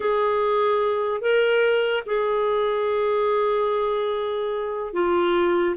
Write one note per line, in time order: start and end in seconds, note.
0.00 1.21 G#4
1.21 2.03 A#4
2.06 4.93 G#4
4.93 5.75 F4